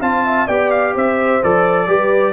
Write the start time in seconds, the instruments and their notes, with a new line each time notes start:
0.00 tuba C4, trombone F4, horn F5, trumpet A5
0.25 horn E5
0.47 tuba B3, trombone G4, horn D5, trumpet G5
0.71 trumpet F5
0.94 tuba C4, horn C5, trumpet E5
1.42 tuba F3, trombone A4, trumpet D5
1.87 tuba G3, trombone G4, horn B4